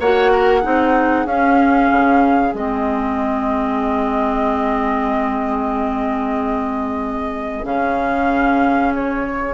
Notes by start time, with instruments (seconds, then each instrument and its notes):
0.00 bassoon A#3, clarinet F#4, oboe C#5, flute F#5
0.33 oboe A#4
0.61 bassoon C4, clarinet D#4, oboe G#4
1.26 bassoon C#4, clarinet C#4, flute F5
1.91 bassoon C#3
2.53 bassoon G#3, clarinet C4, flute D#5
7.63 bassoon C#3, clarinet C#4, flute F5
8.95 flute C#5